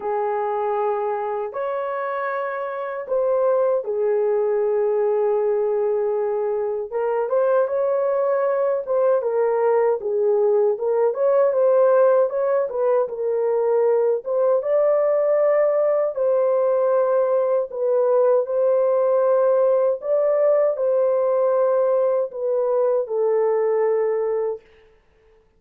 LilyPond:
\new Staff \with { instrumentName = "horn" } { \time 4/4 \tempo 4 = 78 gis'2 cis''2 | c''4 gis'2.~ | gis'4 ais'8 c''8 cis''4. c''8 | ais'4 gis'4 ais'8 cis''8 c''4 |
cis''8 b'8 ais'4. c''8 d''4~ | d''4 c''2 b'4 | c''2 d''4 c''4~ | c''4 b'4 a'2 | }